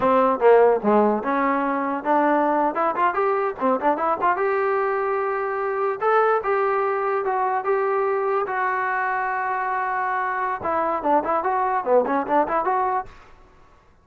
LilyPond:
\new Staff \with { instrumentName = "trombone" } { \time 4/4 \tempo 4 = 147 c'4 ais4 gis4 cis'4~ | cis'4 d'4.~ d'16 e'8 f'8 g'16~ | g'8. c'8 d'8 e'8 f'8 g'4~ g'16~ | g'2~ g'8. a'4 g'16~ |
g'4.~ g'16 fis'4 g'4~ g'16~ | g'8. fis'2.~ fis'16~ | fis'2 e'4 d'8 e'8 | fis'4 b8 cis'8 d'8 e'8 fis'4 | }